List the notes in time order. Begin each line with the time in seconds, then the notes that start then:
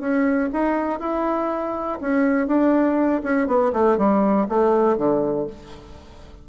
0.00 C#4
0.53 D#4
1.00 E4
2.01 C#4
2.47 D4
3.23 C#4
3.47 B3
3.73 A3
3.98 G3
4.49 A3
4.97 D3